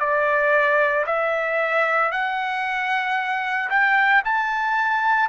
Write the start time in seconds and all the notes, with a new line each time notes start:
0.00 D5
1.07 E5
2.12 F#5
3.70 G5
4.25 A5